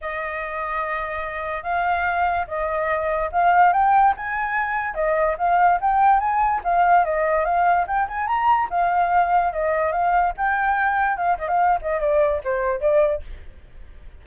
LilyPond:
\new Staff \with { instrumentName = "flute" } { \time 4/4 \tempo 4 = 145 dis''1 | f''2 dis''2 | f''4 g''4 gis''2 | dis''4 f''4 g''4 gis''4 |
f''4 dis''4 f''4 g''8 gis''8 | ais''4 f''2 dis''4 | f''4 g''2 f''8 dis''16 f''16~ | f''8 dis''8 d''4 c''4 d''4 | }